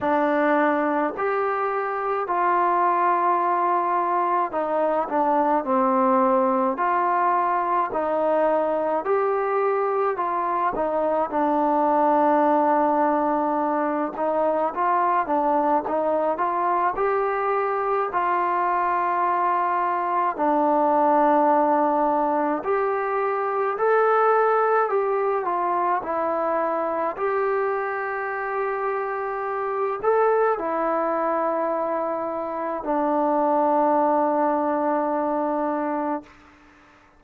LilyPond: \new Staff \with { instrumentName = "trombone" } { \time 4/4 \tempo 4 = 53 d'4 g'4 f'2 | dis'8 d'8 c'4 f'4 dis'4 | g'4 f'8 dis'8 d'2~ | d'8 dis'8 f'8 d'8 dis'8 f'8 g'4 |
f'2 d'2 | g'4 a'4 g'8 f'8 e'4 | g'2~ g'8 a'8 e'4~ | e'4 d'2. | }